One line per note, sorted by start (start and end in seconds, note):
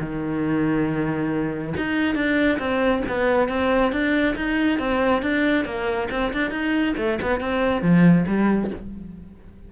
0.00 1.74 D#3
1.77 2.15 D#4
2.15 2.58 D4
2.59 3.02 C4
3.08 3.49 B3
3.49 3.92 C4
3.92 4.36 D4
4.36 4.79 D#4
4.79 5.22 C4
5.22 5.65 D4
5.65 6.09 A#3
6.11 6.33 C4
6.33 6.51 D4
6.51 6.94 D#4
6.97 7.19 A3
7.22 7.40 B3
7.40 7.82 C4
7.82 8.25 F3
8.27 8.71 G3